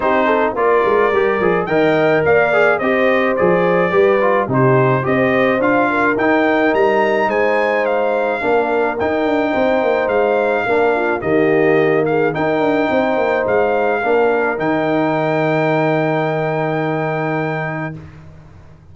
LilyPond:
<<
  \new Staff \with { instrumentName = "trumpet" } { \time 4/4 \tempo 4 = 107 c''4 d''2 g''4 | f''4 dis''4 d''2 | c''4 dis''4 f''4 g''4 | ais''4 gis''4 f''2 |
g''2 f''2 | dis''4. f''8 g''2 | f''2 g''2~ | g''1 | }
  \new Staff \with { instrumentName = "horn" } { \time 4/4 g'8 a'8 ais'2 dis''4 | d''4 c''2 b'4 | g'4 c''4. ais'4.~ | ais'4 c''2 ais'4~ |
ais'4 c''2 ais'8 f'8 | g'4. gis'8 ais'4 c''4~ | c''4 ais'2.~ | ais'1 | }
  \new Staff \with { instrumentName = "trombone" } { \time 4/4 dis'4 f'4 g'8 gis'8 ais'4~ | ais'8 gis'8 g'4 gis'4 g'8 f'8 | dis'4 g'4 f'4 dis'4~ | dis'2. d'4 |
dis'2. d'4 | ais2 dis'2~ | dis'4 d'4 dis'2~ | dis'1 | }
  \new Staff \with { instrumentName = "tuba" } { \time 4/4 c'4 ais8 gis8 g8 f8 dis4 | ais4 c'4 f4 g4 | c4 c'4 d'4 dis'4 | g4 gis2 ais4 |
dis'8 d'8 c'8 ais8 gis4 ais4 | dis2 dis'8 d'8 c'8 ais8 | gis4 ais4 dis2~ | dis1 | }
>>